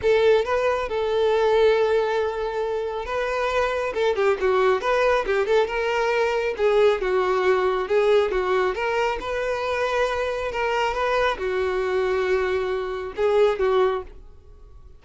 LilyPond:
\new Staff \with { instrumentName = "violin" } { \time 4/4 \tempo 4 = 137 a'4 b'4 a'2~ | a'2. b'4~ | b'4 a'8 g'8 fis'4 b'4 | g'8 a'8 ais'2 gis'4 |
fis'2 gis'4 fis'4 | ais'4 b'2. | ais'4 b'4 fis'2~ | fis'2 gis'4 fis'4 | }